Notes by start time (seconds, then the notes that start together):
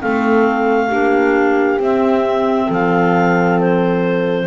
0.00 A3 C4 A4 F5
0.88 A#3 D4 G4
1.79 C4 E5
2.67 F3 A4 F5
3.59 C5